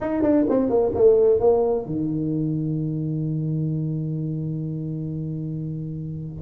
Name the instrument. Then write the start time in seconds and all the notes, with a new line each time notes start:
tuba
0.00 D#4
0.22 D4
0.49 C4
0.69 A#3
0.94 A3
1.39 A#3
1.85 D#3